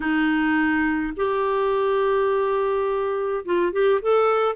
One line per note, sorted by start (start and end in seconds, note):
0.00 1.13 D#4
1.16 3.44 G4
3.45 3.72 F4
3.72 4.01 G4
4.01 4.55 A4